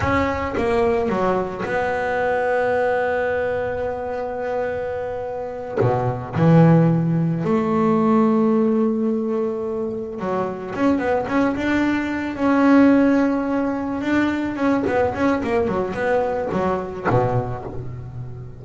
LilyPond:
\new Staff \with { instrumentName = "double bass" } { \time 4/4 \tempo 4 = 109 cis'4 ais4 fis4 b4~ | b1~ | b2~ b8 b,4 e8~ | e4. a2~ a8~ |
a2~ a8 fis4 cis'8 | b8 cis'8 d'4. cis'4.~ | cis'4. d'4 cis'8 b8 cis'8 | ais8 fis8 b4 fis4 b,4 | }